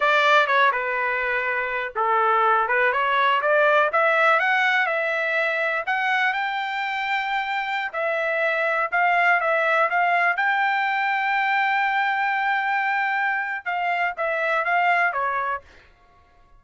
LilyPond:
\new Staff \with { instrumentName = "trumpet" } { \time 4/4 \tempo 4 = 123 d''4 cis''8 b'2~ b'8 | a'4. b'8 cis''4 d''4 | e''4 fis''4 e''2 | fis''4 g''2.~ |
g''16 e''2 f''4 e''8.~ | e''16 f''4 g''2~ g''8.~ | g''1 | f''4 e''4 f''4 cis''4 | }